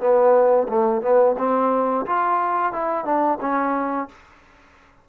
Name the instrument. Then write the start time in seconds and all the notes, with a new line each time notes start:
trombone
0.00 B3
0.69 A3
1.02 B3
1.39 C4
2.06 F4
2.73 E4
3.05 D4
3.41 C#4